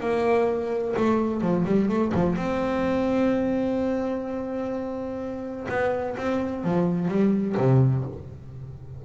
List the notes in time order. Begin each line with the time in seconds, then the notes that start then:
0.00 A#3
0.97 A3
1.41 F3
1.65 G3
1.89 A3
2.14 F3
2.36 C4
5.69 B3
6.17 C4
6.64 F3
7.08 G3
7.57 C3